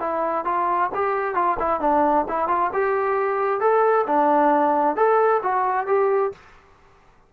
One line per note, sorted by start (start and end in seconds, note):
0.00 0.45 E4
0.45 0.90 F4
0.95 1.35 G4
1.35 1.57 F4
1.60 1.80 E4
1.80 2.26 D4
2.28 2.48 E4
2.48 2.71 F4
2.73 3.61 G4
3.61 4.06 A4
4.07 4.96 D4
4.96 5.41 A4
5.43 5.87 F#4
5.87 6.32 G4